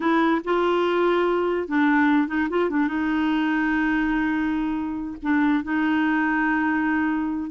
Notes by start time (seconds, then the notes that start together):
0.00 E4
0.44 F4
1.68 D4
2.27 D#4
2.49 F4
2.70 D4
2.87 D#4
5.22 D4
5.63 D#4